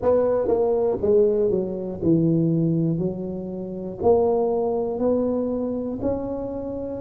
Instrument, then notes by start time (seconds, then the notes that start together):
tuba
0.01 B3
0.47 A#3
1.01 G#3
1.50 F#3
2.03 E3
2.98 F#3
4.02 A#3
4.99 B3
6.01 C#4